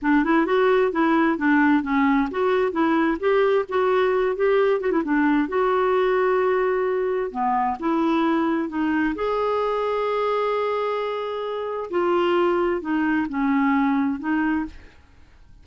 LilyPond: \new Staff \with { instrumentName = "clarinet" } { \time 4/4 \tempo 4 = 131 d'8 e'8 fis'4 e'4 d'4 | cis'4 fis'4 e'4 g'4 | fis'4. g'4 fis'16 e'16 d'4 | fis'1 |
b4 e'2 dis'4 | gis'1~ | gis'2 f'2 | dis'4 cis'2 dis'4 | }